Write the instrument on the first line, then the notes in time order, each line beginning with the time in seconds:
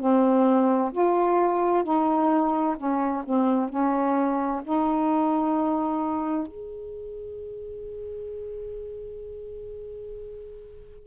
saxophone
0.00 C4
0.93 F4
1.84 D#4
2.77 C#4
3.25 C4
3.70 C#4
4.64 D#4
6.47 G#4